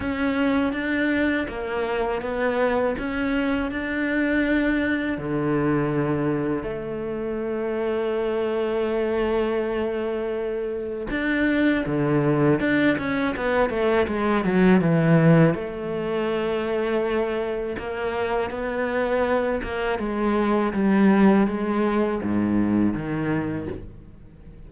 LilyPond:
\new Staff \with { instrumentName = "cello" } { \time 4/4 \tempo 4 = 81 cis'4 d'4 ais4 b4 | cis'4 d'2 d4~ | d4 a2.~ | a2. d'4 |
d4 d'8 cis'8 b8 a8 gis8 fis8 | e4 a2. | ais4 b4. ais8 gis4 | g4 gis4 gis,4 dis4 | }